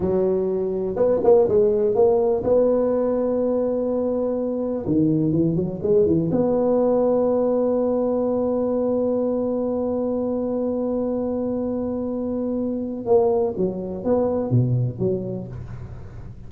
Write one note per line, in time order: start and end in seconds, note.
0.00 0.96 F#3
0.96 1.20 B3
1.23 1.48 A#3
1.48 1.94 G#3
1.94 2.43 A#3
2.43 4.85 B3
4.86 5.32 D#3
5.32 5.55 E3
5.55 5.80 F#3
5.82 6.05 G#3
6.05 6.30 E3
6.31 13.05 B3
13.05 13.54 A#3
13.57 14.03 F#3
14.03 14.50 B3
14.50 14.98 B2
14.98 15.47 F#3